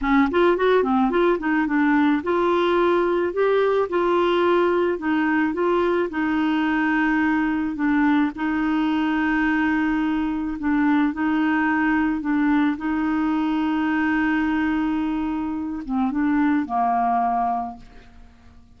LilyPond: \new Staff \with { instrumentName = "clarinet" } { \time 4/4 \tempo 4 = 108 cis'8 f'8 fis'8 c'8 f'8 dis'8 d'4 | f'2 g'4 f'4~ | f'4 dis'4 f'4 dis'4~ | dis'2 d'4 dis'4~ |
dis'2. d'4 | dis'2 d'4 dis'4~ | dis'1~ | dis'8 c'8 d'4 ais2 | }